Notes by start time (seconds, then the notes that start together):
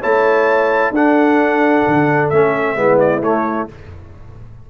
0.00 A3 E4 C#5 A5
0.91 D4 A4 F#5
1.87 D3
2.29 A3 C#4 E5
2.75 G#3 B3 E4
2.99 D5
3.21 A3 C#5